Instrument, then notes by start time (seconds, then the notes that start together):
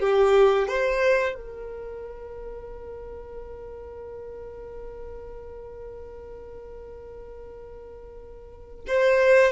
violin
0.00 G4
0.68 C5
1.35 A#4
8.87 C5